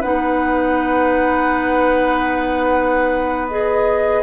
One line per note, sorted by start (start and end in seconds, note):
0.00 4.22 B3
0.00 3.48 D#4
0.00 4.22 B4
0.00 3.48 F#5
3.48 4.22 G#4
3.48 4.22 D#5